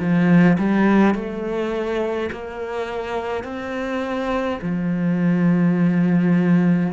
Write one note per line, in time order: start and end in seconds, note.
0.00 0.58 F3
0.58 1.15 G3
1.15 2.30 A3
2.32 3.44 A#3
3.44 4.59 C4
4.62 6.93 F3